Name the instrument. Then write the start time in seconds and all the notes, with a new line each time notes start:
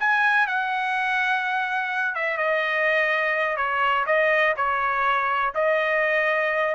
trumpet
0.00 G#5
0.47 F#5
2.15 E5
2.38 D#5
3.57 C#5
4.07 D#5
4.57 C#5
5.55 D#5